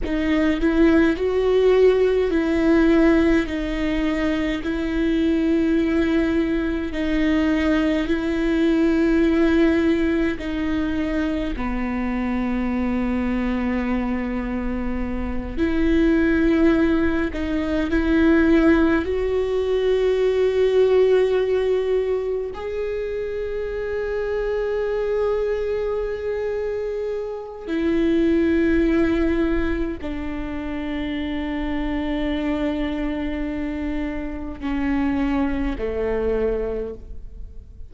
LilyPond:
\new Staff \with { instrumentName = "viola" } { \time 4/4 \tempo 4 = 52 dis'8 e'8 fis'4 e'4 dis'4 | e'2 dis'4 e'4~ | e'4 dis'4 b2~ | b4. e'4. dis'8 e'8~ |
e'8 fis'2. gis'8~ | gis'1 | e'2 d'2~ | d'2 cis'4 a4 | }